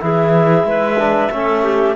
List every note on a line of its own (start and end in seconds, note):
0.00 0.64 E3
0.00 0.97 E4
0.00 0.67 G#4
0.07 1.96 E5
0.64 1.29 G#3
0.64 1.32 B4
0.99 1.31 D4
1.31 1.96 A3
1.31 1.96 C#4
1.31 1.63 A4
1.63 1.95 G4